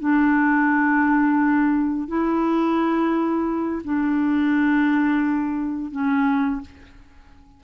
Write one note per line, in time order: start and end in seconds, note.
0.00 2.08 D4
2.08 3.82 E4
3.84 5.91 D4
5.91 6.61 C#4